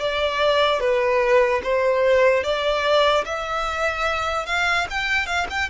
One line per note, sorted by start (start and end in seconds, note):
0.00 0.80 D5
0.80 1.61 B4
1.63 2.43 C5
2.43 3.24 D5
3.25 4.46 E5
4.46 4.86 F5
4.90 5.26 G5
5.26 5.47 F5
5.50 5.69 G5